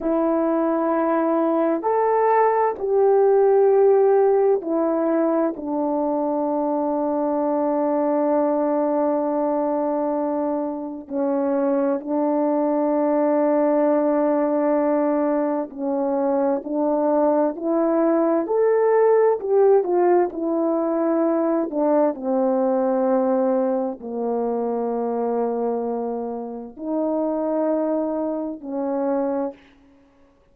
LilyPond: \new Staff \with { instrumentName = "horn" } { \time 4/4 \tempo 4 = 65 e'2 a'4 g'4~ | g'4 e'4 d'2~ | d'1 | cis'4 d'2.~ |
d'4 cis'4 d'4 e'4 | a'4 g'8 f'8 e'4. d'8 | c'2 ais2~ | ais4 dis'2 cis'4 | }